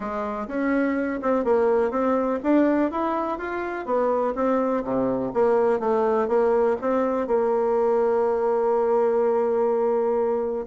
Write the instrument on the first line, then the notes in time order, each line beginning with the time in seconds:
bassoon
0.00 G#3
0.47 C#4
1.22 C4
1.44 A#3
1.90 C4
2.43 D4
2.91 E4
3.38 F4
3.85 B3
4.35 C4
4.84 C3
5.33 A#3
5.79 A3
6.28 A#3
6.81 C4
7.27 A#3